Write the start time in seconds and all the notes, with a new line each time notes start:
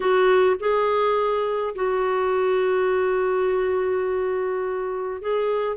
0.00 F#4
0.59 G#4
1.75 F#4
5.21 G#4